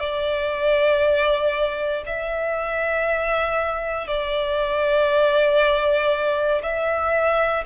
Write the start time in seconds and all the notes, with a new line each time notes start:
0.00 D5
2.06 E5
4.07 D5
6.62 E5